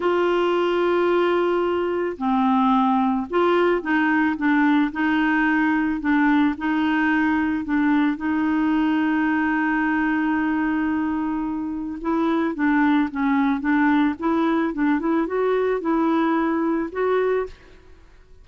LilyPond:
\new Staff \with { instrumentName = "clarinet" } { \time 4/4 \tempo 4 = 110 f'1 | c'2 f'4 dis'4 | d'4 dis'2 d'4 | dis'2 d'4 dis'4~ |
dis'1~ | dis'2 e'4 d'4 | cis'4 d'4 e'4 d'8 e'8 | fis'4 e'2 fis'4 | }